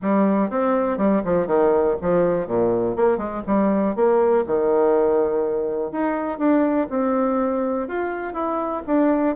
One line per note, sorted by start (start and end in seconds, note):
0.02 0.50 G3
0.50 0.97 C4
0.97 1.22 G3
1.24 1.46 F3
1.46 1.96 D#3
2.01 2.46 F3
2.46 2.96 A#2
2.96 3.17 A#3
3.17 3.42 G#3
3.46 3.95 G3
3.95 4.44 A#3
4.46 5.91 D#3
5.91 6.38 D#4
6.38 6.87 D4
6.89 7.88 C4
7.88 8.33 F4
8.33 8.83 E4
8.87 9.36 D4